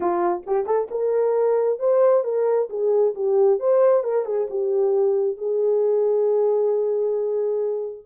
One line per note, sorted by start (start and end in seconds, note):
0.00 0.43 F4
0.46 0.66 G4
0.66 0.88 A4
0.91 1.79 A#4
1.79 2.24 C5
2.24 2.68 A#4
2.69 3.14 G#4
3.14 3.59 G4
3.59 4.03 C5
4.03 4.25 A#4
4.25 4.47 G#4
4.50 5.37 G4
5.37 8.05 G#4